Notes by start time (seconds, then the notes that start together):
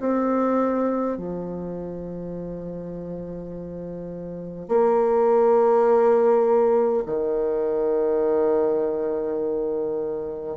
0.00 C4
1.18 F3
4.69 A#3
7.06 D#3